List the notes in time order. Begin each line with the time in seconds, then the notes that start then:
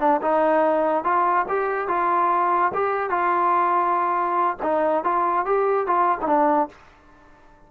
0.00 D4
0.22 D#4
1.04 F4
1.49 G4
1.88 F4
2.74 G4
3.10 F4
4.62 D#4
5.04 F4
5.46 G4
5.87 F4
6.22 D4 D#4